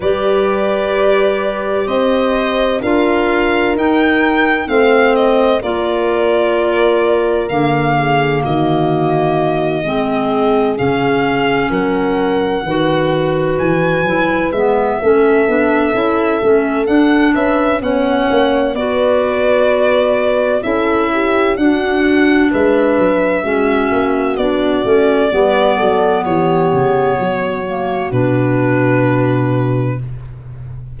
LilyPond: <<
  \new Staff \with { instrumentName = "violin" } { \time 4/4 \tempo 4 = 64 d''2 dis''4 f''4 | g''4 f''8 dis''8 d''2 | f''4 dis''2~ dis''8 f''8~ | f''8 fis''2 gis''4 e''8~ |
e''2 fis''8 e''8 fis''4 | d''2 e''4 fis''4 | e''2 d''2 | cis''2 b'2 | }
  \new Staff \with { instrumentName = "horn" } { \time 4/4 b'2 c''4 ais'4~ | ais'4 c''4 ais'2~ | ais'8 gis'8 fis'4. gis'4.~ | gis'8 ais'4 b'2~ b'8 |
a'2~ a'8 b'8 cis''4 | b'2 a'8 g'8 fis'4 | b'4 fis'2 b'8 a'8 | g'4 fis'2. | }
  \new Staff \with { instrumentName = "clarinet" } { \time 4/4 g'2. f'4 | dis'4 c'4 f'2 | ais2~ ais8 c'4 cis'8~ | cis'4. fis'4. e'8 b8 |
cis'8 d'8 e'8 cis'8 d'4 cis'4 | fis'2 e'4 d'4~ | d'4 cis'4 d'8 cis'8 b4~ | b4. ais8 d'2 | }
  \new Staff \with { instrumentName = "tuba" } { \time 4/4 g2 c'4 d'4 | dis'4 a4 ais2 | d4 dis4. gis4 cis8~ | cis8 fis4 dis4 e8 fis8 gis8 |
a8 b8 cis'8 a8 d'8 cis'8 b8 ais8 | b2 cis'4 d'4 | gis8 fis8 gis8 ais8 b8 a8 g8 fis8 | e8 cis8 fis4 b,2 | }
>>